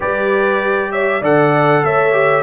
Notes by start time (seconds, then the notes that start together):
0.00 G3 G4 B4 D5
0.91 C#5 E5
1.20 D3 A4 D5 F#5
1.83 A3 C#5 E5
2.12 G4